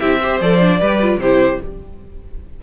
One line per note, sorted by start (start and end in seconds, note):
0.00 0.41 C4
0.00 0.20 E4
0.00 0.20 G4
0.00 0.40 E5
0.21 0.42 G4
0.21 0.80 C5
0.41 0.81 F3
0.41 0.61 A4
0.41 1.21 D5
0.61 0.81 D4
0.80 1.18 G3
0.80 1.01 G4
0.80 1.20 B4
1.02 1.22 F4
1.18 1.58 C3
1.18 1.63 E4
1.18 1.62 G4
1.18 1.61 C5